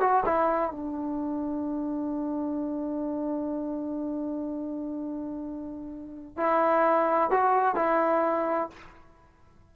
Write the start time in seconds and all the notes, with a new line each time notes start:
0.00 F#4
0.25 E4
0.71 D4
6.37 E4
7.30 F#4
7.75 E4